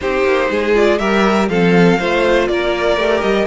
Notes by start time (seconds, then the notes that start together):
0.01 C4 D#4 G4 C5
0.24 A#3
0.50 G#3 G#4
0.74 F4 D5
0.98 G3 G4 A#4 E5
1.49 F3 C4 A4 F5
1.98 A3 F4 C5
2.47 A#3 A#4 D5
2.96 A3 G4
3.21 G3 D#5